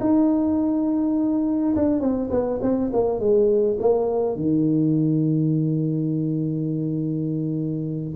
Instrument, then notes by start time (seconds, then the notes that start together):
tuba
0.00 D#4
1.76 D4
2.00 C4
2.30 B3
2.61 C4
2.93 A#3
3.19 G#3
3.79 A#3
4.36 D#3